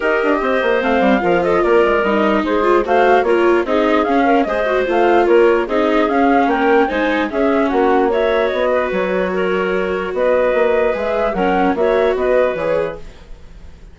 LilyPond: <<
  \new Staff \with { instrumentName = "flute" } { \time 4/4 \tempo 4 = 148 dis''2 f''4. dis''8 | d''4 dis''4 c''4 f''4 | cis''4 dis''4 f''4 dis''4 | f''4 cis''4 dis''4 f''4 |
g''4 gis''4 e''4 fis''4 | e''4 dis''4 cis''2~ | cis''4 dis''2 e''4 | fis''4 e''4 dis''4 cis''4 | }
  \new Staff \with { instrumentName = "clarinet" } { \time 4/4 ais'4 c''2 ais'8 a'8 | ais'2 gis'4 c''4 | ais'4 gis'4. ais'8 c''4~ | c''4 ais'4 gis'2 |
ais'4 c''4 gis'4 fis'4 | cis''4. b'4. ais'4~ | ais'4 b'2. | ais'4 cis''4 b'2 | }
  \new Staff \with { instrumentName = "viola" } { \time 4/4 g'2 c'4 f'4~ | f'4 dis'4. f'8 fis'4 | f'4 dis'4 cis'4 gis'8 fis'8 | f'2 dis'4 cis'4~ |
cis'4 dis'4 cis'2 | fis'1~ | fis'2. gis'4 | cis'4 fis'2 gis'4 | }
  \new Staff \with { instrumentName = "bassoon" } { \time 4/4 dis'8 d'8 c'8 ais8 a8 g8 f4 | ais8 gis8 g4 gis4 a4 | ais4 c'4 cis'4 gis4 | a4 ais4 c'4 cis'4 |
ais4 gis4 cis'4 ais4~ | ais4 b4 fis2~ | fis4 b4 ais4 gis4 | fis4 ais4 b4 e4 | }
>>